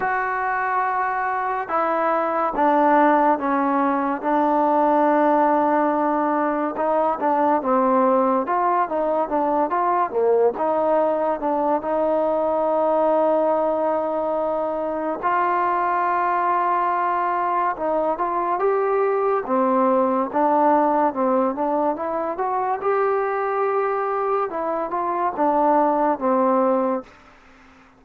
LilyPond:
\new Staff \with { instrumentName = "trombone" } { \time 4/4 \tempo 4 = 71 fis'2 e'4 d'4 | cis'4 d'2. | dis'8 d'8 c'4 f'8 dis'8 d'8 f'8 | ais8 dis'4 d'8 dis'2~ |
dis'2 f'2~ | f'4 dis'8 f'8 g'4 c'4 | d'4 c'8 d'8 e'8 fis'8 g'4~ | g'4 e'8 f'8 d'4 c'4 | }